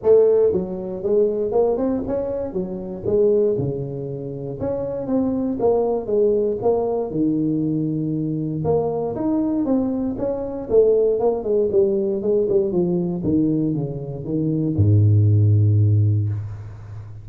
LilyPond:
\new Staff \with { instrumentName = "tuba" } { \time 4/4 \tempo 4 = 118 a4 fis4 gis4 ais8 c'8 | cis'4 fis4 gis4 cis4~ | cis4 cis'4 c'4 ais4 | gis4 ais4 dis2~ |
dis4 ais4 dis'4 c'4 | cis'4 a4 ais8 gis8 g4 | gis8 g8 f4 dis4 cis4 | dis4 gis,2. | }